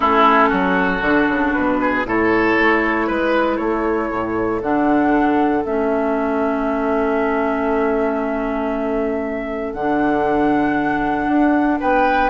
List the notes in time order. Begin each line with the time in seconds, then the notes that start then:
0.00 A3 C#4 E4 A4
0.49 F#3 F#4
1.01 D3 D4
1.28 C#3
1.53 B2 B4
1.81 G#4
2.04 A2 E4 A4 C#5
2.58 A3
3.07 G#3 B4
3.56 A3 A4 C#5
4.10 A2
4.61 D3 D4 F#5
5.65 A3 C#4 E5
9.73 D3 D4 F#5
11.27 D4
11.79 B3 B4 G5